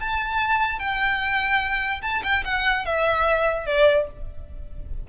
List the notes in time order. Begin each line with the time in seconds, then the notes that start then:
0.00 A5
0.79 G5
2.02 A5
2.23 G5
2.45 F#5
2.86 E5
3.66 D5